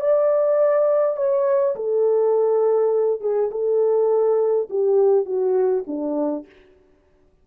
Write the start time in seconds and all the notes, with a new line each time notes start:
0.00 D5
1.16 C#5
1.75 A4
3.20 G#4
3.51 A4
4.69 G4
5.25 F#4
5.87 D4